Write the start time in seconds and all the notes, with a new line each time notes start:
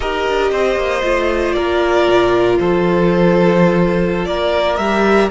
0.00 D#4 G4 A#4 D#5
0.27 D4
0.51 C4 C5
0.76 A#3
1.02 A3 F4
1.52 A#3 A#4 D5
2.08 A#2
2.59 F3 A4 C5
4.25 A#3 A#4 D5
4.76 G3 G4 E5